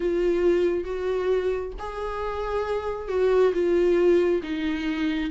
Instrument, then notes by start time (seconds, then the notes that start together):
viola
0.00 F4
0.84 F#4
1.79 G#4
3.08 F#4
3.53 F4
4.42 D#4